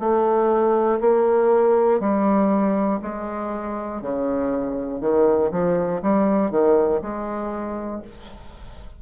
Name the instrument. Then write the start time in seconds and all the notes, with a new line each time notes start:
bassoon
0.00 A3
1.00 A#3
2.00 G3
3.02 G#3
4.02 C#3
5.00 D#3
5.51 F3
6.02 G3
6.50 D#3
7.01 G#3